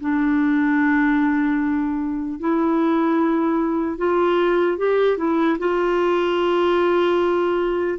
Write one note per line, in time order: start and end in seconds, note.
0.00 2.40 D4
2.40 3.98 E4
3.98 4.78 F4
4.78 5.18 G4
5.18 5.58 E4
5.59 7.99 F4